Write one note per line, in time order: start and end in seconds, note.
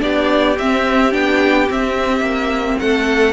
0.00 0.58 B3
0.00 0.56 D4
0.00 2.80 G4
0.00 0.57 D5
0.58 1.14 C4
0.58 1.12 C4
0.58 1.13 E5
1.12 1.69 B3
1.12 1.67 D4
1.12 1.69 G5
1.69 3.33 C4
1.69 2.21 C4
1.69 2.79 E5
2.21 2.76 A#3
2.79 3.33 A3
2.79 3.33 A4
2.79 3.33 F#5